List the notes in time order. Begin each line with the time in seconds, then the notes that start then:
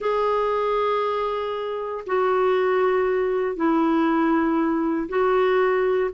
0.00 G#4
2.06 F#4
3.56 E4
5.08 F#4